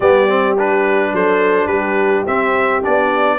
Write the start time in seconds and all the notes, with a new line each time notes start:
0.00 G3 B3 G4 D5
0.28 C4
0.58 D4 B4
1.12 F#3 A4 C5
1.66 G3 G4 B4
2.25 C4 E5
2.82 B3 D4 D5